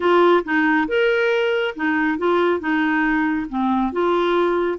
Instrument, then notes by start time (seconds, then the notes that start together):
clarinet
0.00 F4
0.44 D#4
0.87 A#4
1.75 D#4
2.18 F4
2.59 D#4
3.49 C4
3.92 F4